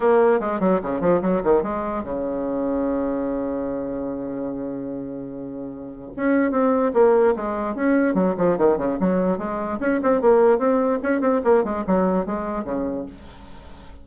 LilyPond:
\new Staff \with { instrumentName = "bassoon" } { \time 4/4 \tempo 4 = 147 ais4 gis8 fis8 cis8 f8 fis8 dis8 | gis4 cis2.~ | cis1~ | cis2. cis'4 |
c'4 ais4 gis4 cis'4 | fis8 f8 dis8 cis8 fis4 gis4 | cis'8 c'8 ais4 c'4 cis'8 c'8 | ais8 gis8 fis4 gis4 cis4 | }